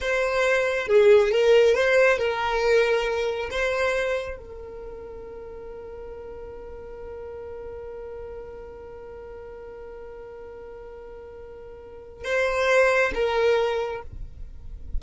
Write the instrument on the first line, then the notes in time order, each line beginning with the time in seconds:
violin
0.00 C5
0.87 G#4
1.31 A#4
1.74 C5
2.18 A#4
3.50 C5
4.37 A#4
12.24 C5
13.14 A#4